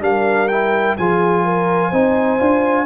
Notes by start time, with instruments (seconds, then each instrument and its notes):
0.00 tuba G3, trombone D4, horn A#4, trumpet F5
0.48 trombone E4, trumpet G5
0.97 tuba F3, trombone F4, horn G#4, trumpet G#5
1.44 horn A#4
1.89 tuba C4, trombone D#4, horn C5
2.38 tuba D4, trombone F4